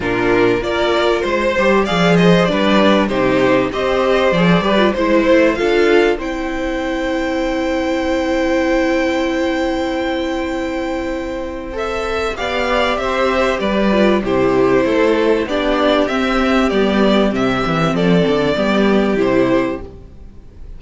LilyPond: <<
  \new Staff \with { instrumentName = "violin" } { \time 4/4 \tempo 4 = 97 ais'4 d''4 c''4 f''8 dis''8 | d''4 c''4 dis''4 d''4 | c''4 f''4 g''2~ | g''1~ |
g''2. e''4 | f''4 e''4 d''4 c''4~ | c''4 d''4 e''4 d''4 | e''4 d''2 c''4 | }
  \new Staff \with { instrumentName = "violin" } { \time 4/4 f'4 ais'4 c''4 d''8 c''8 | b'4 g'4 c''4. b'8 | c''4 a'4 c''2~ | c''1~ |
c''1 | d''4 c''4 b'4 g'4 | a'4 g'2.~ | g'4 a'4 g'2 | }
  \new Staff \with { instrumentName = "viola" } { \time 4/4 d'4 f'4. g'8 gis'4 | d'4 dis'4 g'4 gis'8 g'16 f'16 | e'4 f'4 e'2~ | e'1~ |
e'2. a'4 | g'2~ g'8 f'8 e'4~ | e'4 d'4 c'4 b4 | c'2 b4 e'4 | }
  \new Staff \with { instrumentName = "cello" } { \time 4/4 ais,4 ais4 gis8 g8 f4 | g4 c4 c'4 f8 g8 | gis8 a8 d'4 c'2~ | c'1~ |
c'1 | b4 c'4 g4 c4 | a4 b4 c'4 g4 | c8 e8 f8 d8 g4 c4 | }
>>